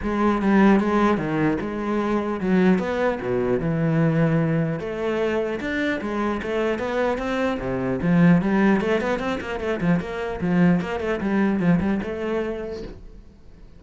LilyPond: \new Staff \with { instrumentName = "cello" } { \time 4/4 \tempo 4 = 150 gis4 g4 gis4 dis4 | gis2 fis4 b4 | b,4 e2. | a2 d'4 gis4 |
a4 b4 c'4 c4 | f4 g4 a8 b8 c'8 ais8 | a8 f8 ais4 f4 ais8 a8 | g4 f8 g8 a2 | }